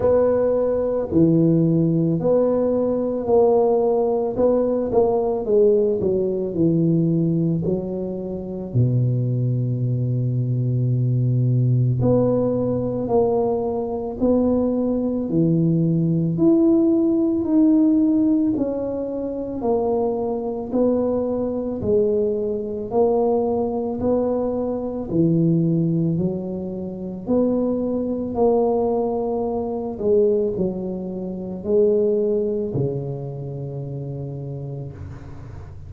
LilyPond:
\new Staff \with { instrumentName = "tuba" } { \time 4/4 \tempo 4 = 55 b4 e4 b4 ais4 | b8 ais8 gis8 fis8 e4 fis4 | b,2. b4 | ais4 b4 e4 e'4 |
dis'4 cis'4 ais4 b4 | gis4 ais4 b4 e4 | fis4 b4 ais4. gis8 | fis4 gis4 cis2 | }